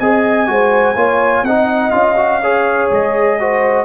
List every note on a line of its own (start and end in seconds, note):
0.00 0.49 C4
0.00 0.47 G#4
0.00 0.49 D#5
0.00 1.45 G#5
0.47 0.95 G#3
0.47 0.96 F#4
0.47 0.96 C5
0.95 1.43 A#3
0.95 1.45 F4
0.95 1.44 C#5
1.43 1.92 C4
1.43 1.92 D#4
1.43 2.42 D#5
1.43 1.91 F#5
1.91 2.90 C#4
1.91 2.16 F4
1.91 2.87 F5
2.17 2.41 F#4
2.42 3.40 G#4
2.42 3.39 C#5
2.91 3.85 G#3
2.91 3.85 D#5
3.40 3.85 F#4
3.40 3.85 C5